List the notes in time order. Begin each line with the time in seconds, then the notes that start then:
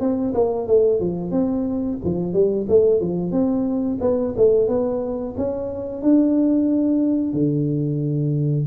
0.00 C4
0.34 A#3
0.67 A3
1.00 F3
1.31 C4
2.04 F3
2.33 G3
2.69 A3
3.00 F3
3.32 C4
4.01 B3
4.37 A3
4.68 B3
5.37 C#4
6.02 D4
7.33 D3